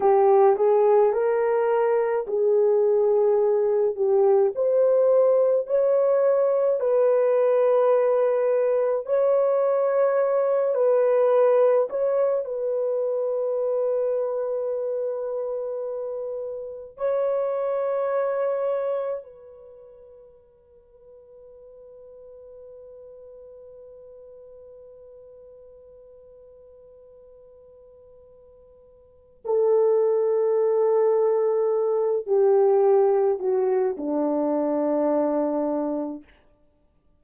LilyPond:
\new Staff \with { instrumentName = "horn" } { \time 4/4 \tempo 4 = 53 g'8 gis'8 ais'4 gis'4. g'8 | c''4 cis''4 b'2 | cis''4. b'4 cis''8 b'4~ | b'2. cis''4~ |
cis''4 b'2.~ | b'1~ | b'2 a'2~ | a'8 g'4 fis'8 d'2 | }